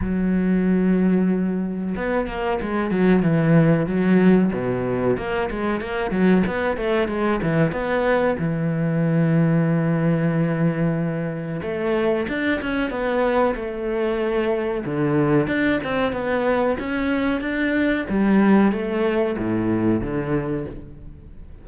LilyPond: \new Staff \with { instrumentName = "cello" } { \time 4/4 \tempo 4 = 93 fis2. b8 ais8 | gis8 fis8 e4 fis4 b,4 | ais8 gis8 ais8 fis8 b8 a8 gis8 e8 | b4 e2.~ |
e2 a4 d'8 cis'8 | b4 a2 d4 | d'8 c'8 b4 cis'4 d'4 | g4 a4 a,4 d4 | }